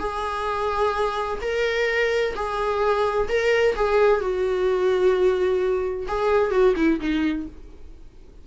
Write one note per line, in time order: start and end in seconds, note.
0.00 1.40 G#4
1.42 2.35 A#4
2.36 3.29 G#4
3.29 3.75 A#4
3.76 4.21 G#4
4.21 6.07 F#4
6.08 6.52 G#4
6.52 6.75 F#4
6.77 7.00 E4
7.01 7.47 D#4